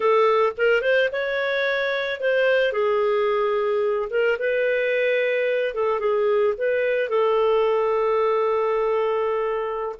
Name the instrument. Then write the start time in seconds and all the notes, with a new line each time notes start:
clarinet
0.00 A4
0.57 A#4
0.81 C5
1.12 C#5
2.20 C5
2.72 G#4
4.10 A#4
4.38 B4
5.74 A4
5.99 G#4
6.57 B4
7.09 A4